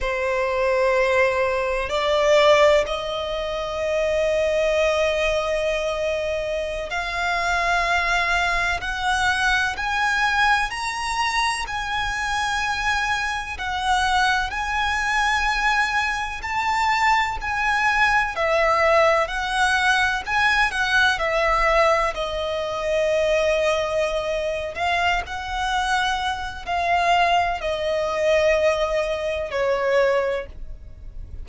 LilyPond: \new Staff \with { instrumentName = "violin" } { \time 4/4 \tempo 4 = 63 c''2 d''4 dis''4~ | dis''2.~ dis''16 f''8.~ | f''4~ f''16 fis''4 gis''4 ais''8.~ | ais''16 gis''2 fis''4 gis''8.~ |
gis''4~ gis''16 a''4 gis''4 e''8.~ | e''16 fis''4 gis''8 fis''8 e''4 dis''8.~ | dis''2 f''8 fis''4. | f''4 dis''2 cis''4 | }